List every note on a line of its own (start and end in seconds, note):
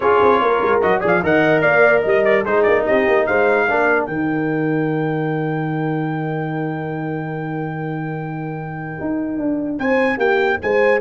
0.00 0.21 C#4
0.00 0.81 F4
0.00 0.40 G#4
0.00 0.80 C#5
0.21 0.41 C4
0.40 0.61 A#3
0.40 1.00 A#4
0.62 0.82 G#3
0.81 1.03 F#3
0.81 1.01 F#4
0.81 1.02 D#5
1.00 1.22 F3
1.00 1.21 G#4
1.00 1.20 D5
1.07 1.25 F5
1.22 1.62 D#3
1.22 2.46 A#4
1.22 1.62 D#5
1.22 1.61 F#5
1.61 2.03 A#3
1.61 2.02 D5
1.61 2.02 F5
2.02 2.46 G3
2.02 2.42 D#5
2.08 2.24 D#5
2.24 2.44 D5
2.43 2.66 G#3
2.43 3.68 D#4
2.43 2.84 G#4
2.43 2.62 C5
2.62 2.87 A#3
2.62 2.83 D5
2.85 3.07 C4
2.85 3.27 G4
2.85 3.26 D#5
3.07 3.28 A#3
3.26 3.69 G#3
3.26 3.65 C5
3.26 4.05 F5
3.65 4.07 A#3
3.65 4.09 D4
3.65 9.77 A#4
4.05 8.97 D#3
4.05 11.01 D#4
4.05 9.77 G5
9.00 9.37 D#4
9.37 9.78 D4
9.78 10.17 C4
9.78 10.17 C5
9.78 10.19 G#5
10.17 10.58 A#3
10.17 10.58 G4
10.17 10.60 G5
10.61 11.01 G#3
10.61 11.01 C5
10.61 11.01 G#5